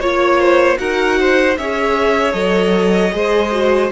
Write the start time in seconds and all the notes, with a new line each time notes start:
0.00 A#3 F4 C#5
0.40 C5
0.78 D#4 F#4 A#4 F#5
1.20 C5
1.57 C#4 G#4 C#5 E5
2.33 F#3 A4 D#5
3.12 G#3 G#4 C5
3.51 F#4